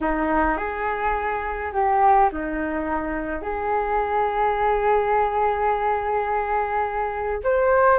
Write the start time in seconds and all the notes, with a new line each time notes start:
0.01 D#4
0.57 G#4
1.72 G4
2.32 D#4
3.42 G#4
7.43 C5